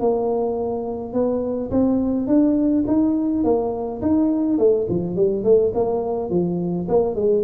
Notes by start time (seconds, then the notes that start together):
0.00 A#3
1.13 B3
1.71 C4
2.27 D4
2.87 D#4
3.44 A#3
4.02 D#4
4.58 A3
4.89 F3
5.16 G3
5.44 A3
5.74 A#3
6.30 F3
6.88 A#3
7.15 G#3